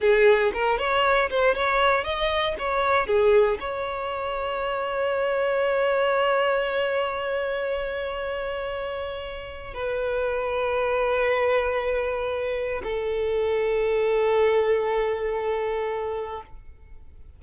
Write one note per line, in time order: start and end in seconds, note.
0.00 0.52 G#4
0.53 0.78 A#4
0.78 1.29 C#5
1.30 1.54 C5
1.54 2.04 C#5
2.04 2.55 D#5
2.59 3.06 C#5
3.06 3.58 G#4
3.59 9.74 C#5
9.74 12.81 B4
12.83 16.42 A4